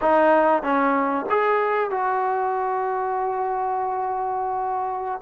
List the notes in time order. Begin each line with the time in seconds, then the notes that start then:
0.01 D#4
0.62 C#4
1.29 G#4
1.90 F#4